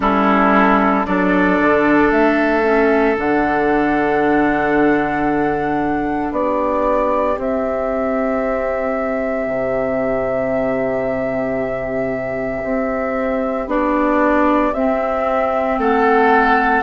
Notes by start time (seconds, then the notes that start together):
0.00 G3 C#4 E4 A4
1.06 F#3 D4 A4 D5
1.60 D3
2.11 A3 E5
2.63 C#4
3.16 D3 D4 F#5
6.31 B3 G4 D5
7.36 C4 E5
9.46 C3
12.63 C4
13.66 B3 D4 D5
14.73 C4 E5
15.78 A3 A4 F#5